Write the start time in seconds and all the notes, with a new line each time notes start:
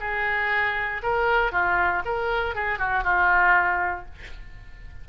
0.00 G#4
1.02 A#4
1.52 F4
2.05 A#4
2.55 G#4
2.78 F#4
3.03 F4